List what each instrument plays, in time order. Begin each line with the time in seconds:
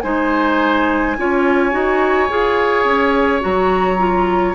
0.00 bassoon G#3, clarinet D#4, oboe C5, flute G#5
1.17 bassoon C#4, clarinet F4, oboe C#5
1.71 bassoon D#4, clarinet F#4
2.29 bassoon F4, clarinet G#4
2.84 bassoon C#4
3.40 bassoon F#3, clarinet F#4, flute A#5
3.97 clarinet F4